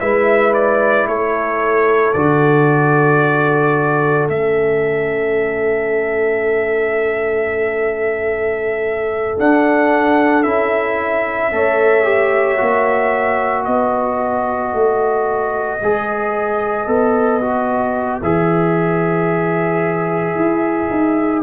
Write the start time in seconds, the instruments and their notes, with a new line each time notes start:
0.00 tuba G#3, trombone E4, horn B4, trumpet E5
0.54 trumpet D5
1.07 tuba A3, horn A4, trumpet C#5
2.13 tuba D3, trombone F#4, trumpet D5
4.29 tuba A3, trombone C#4, trumpet E5
9.38 trombone D4, tuba D4, trumpet F#5
10.43 tuba C#4, trombone E4, trumpet E5
11.52 tuba A3, trombone A4, horn C#5
12.04 trombone G4
12.58 tuba A#3, trombone F#4
13.65 tuba B3, horn B4, trumpet D#5
14.73 tuba A3
15.82 tuba G#3, trombone G#4
16.87 tuba B3, trombone A4
17.41 trombone F#4
18.22 tuba E3, trombone G#4, trumpet E5
20.36 tuba E4
20.90 tuba D#4